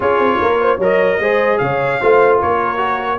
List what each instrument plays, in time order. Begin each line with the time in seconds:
0.00 tuba C#4, trombone F4, horn G#4, trumpet C#5
0.19 tuba C4
0.40 tuba A#3, horn A#4
0.60 horn C5
0.77 tuba F#3, trombone A#4, horn C#5
0.83 trumpet D#5
1.19 tuba G#3, trombone G#4, horn C5
1.58 tuba C#3, horn C#5, trumpet F5
2.00 tuba A3, trombone F4, horn C5
2.39 tuba A#3, horn A#4, trumpet C#5
2.77 trombone F#4